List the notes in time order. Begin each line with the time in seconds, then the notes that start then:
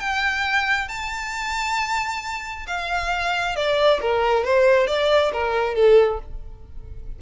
0.00 G5
0.88 A5
2.67 F5
3.56 D5
4.01 A#4
4.44 C5
4.87 D5
5.33 A#4
5.75 A4